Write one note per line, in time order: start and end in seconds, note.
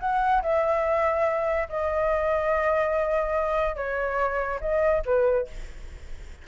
0.00 0.42 F#5
0.43 1.68 E5
1.69 3.76 D#5
3.76 4.60 C#5
4.61 5.03 D#5
5.06 5.48 B4